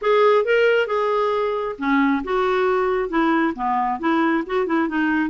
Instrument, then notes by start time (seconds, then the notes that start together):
clarinet
0.01 G#4
0.44 A#4
0.87 G#4
1.78 C#4
2.23 F#4
3.09 E4
3.55 B3
3.99 E4
4.46 F#4
4.66 E4
4.88 D#4